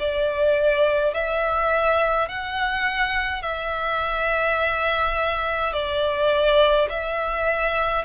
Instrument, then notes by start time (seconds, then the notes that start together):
violin
0.00 D5
1.14 E5
2.29 F#5
3.43 E5
5.74 D5
6.90 E5